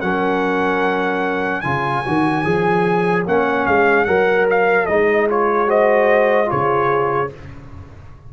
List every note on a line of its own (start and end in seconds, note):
0.00 1.64 F#3
0.00 1.63 C#4
0.00 1.63 A#4
0.00 1.60 F#5
1.60 2.04 C#3
1.60 2.04 F4
1.60 5.67 C#5
1.60 3.23 G#5
2.05 2.45 D#3
2.05 2.44 F#4
2.44 3.26 F3
2.44 3.26 G#4
3.26 3.67 A#3
3.26 4.07 C#4
3.26 3.66 F#5
3.66 4.06 G#3
3.66 4.05 F5
4.05 4.87 F#3
4.05 4.88 A#4
4.05 4.45 F#5
4.50 4.86 F5
4.86 6.50 G#3
4.86 5.28 D#4
4.86 5.26 D#5
5.28 5.67 F4
5.28 5.70 C#5
5.67 6.45 F#4
5.67 6.48 C5
5.67 6.50 D#5
6.45 7.27 F4
6.45 7.31 G#4
6.45 7.31 C#5
6.52 7.33 C#3